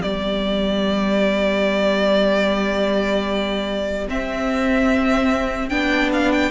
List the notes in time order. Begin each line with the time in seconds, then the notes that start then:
0.00 G3 B3 G4 D5
4.08 C4 E5
5.69 B3 D4 G5
6.13 F5
6.32 G5